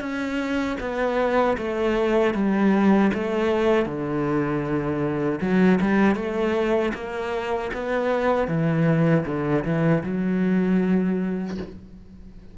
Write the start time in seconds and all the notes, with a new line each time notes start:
0.00 C#4
0.80 B3
1.57 A3
2.34 G3
3.13 A3
3.86 D3
5.41 F#3
5.81 G3
6.15 A3
6.94 A#3
7.73 B3
8.48 E3
9.26 D3
9.64 E3
10.03 F#3